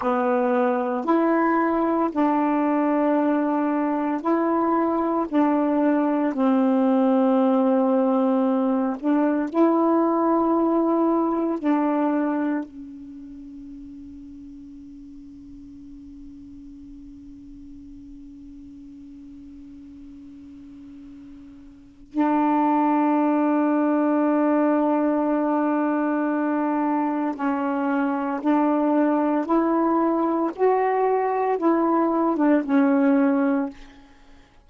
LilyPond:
\new Staff \with { instrumentName = "saxophone" } { \time 4/4 \tempo 4 = 57 b4 e'4 d'2 | e'4 d'4 c'2~ | c'8 d'8 e'2 d'4 | cis'1~ |
cis'1~ | cis'4 d'2.~ | d'2 cis'4 d'4 | e'4 fis'4 e'8. d'16 cis'4 | }